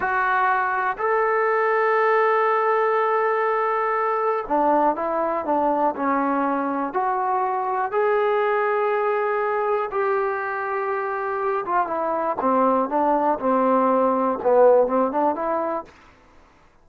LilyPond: \new Staff \with { instrumentName = "trombone" } { \time 4/4 \tempo 4 = 121 fis'2 a'2~ | a'1~ | a'4 d'4 e'4 d'4 | cis'2 fis'2 |
gis'1 | g'2.~ g'8 f'8 | e'4 c'4 d'4 c'4~ | c'4 b4 c'8 d'8 e'4 | }